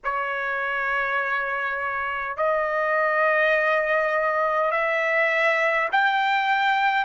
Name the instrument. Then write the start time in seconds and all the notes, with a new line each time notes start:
trumpet
0.04 C#5
2.36 D#5
4.71 E5
5.91 G5